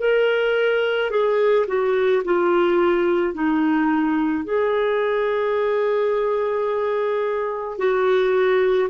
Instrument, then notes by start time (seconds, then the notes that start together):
clarinet
0.00 A#4
1.11 G#4
1.67 F#4
2.24 F4
3.34 D#4
4.45 G#4
7.78 F#4